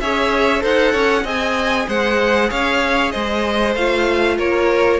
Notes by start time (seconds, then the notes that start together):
0.00 C#4 G#4 C#5 E5
0.60 D#4 A4 C5 F#5
0.92 C#4 C#5
1.23 C4 G#4 D#5 G#5
1.88 G#3 C5 F#5
2.49 C#4 C#5 F5
3.11 G#3 C5 D#5
3.75 A3 F4 F5
4.38 A#3 A#4 C#5